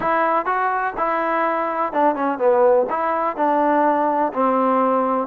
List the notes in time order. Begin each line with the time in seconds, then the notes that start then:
0.00 E4
0.45 F#4
0.97 E4
1.92 D4
2.15 C#4
2.38 B3
2.89 E4
3.36 D4
4.33 C4